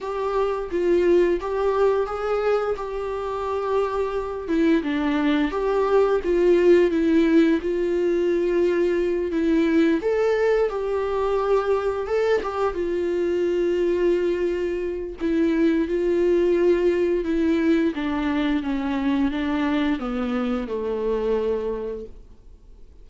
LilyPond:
\new Staff \with { instrumentName = "viola" } { \time 4/4 \tempo 4 = 87 g'4 f'4 g'4 gis'4 | g'2~ g'8 e'8 d'4 | g'4 f'4 e'4 f'4~ | f'4. e'4 a'4 g'8~ |
g'4. a'8 g'8 f'4.~ | f'2 e'4 f'4~ | f'4 e'4 d'4 cis'4 | d'4 b4 a2 | }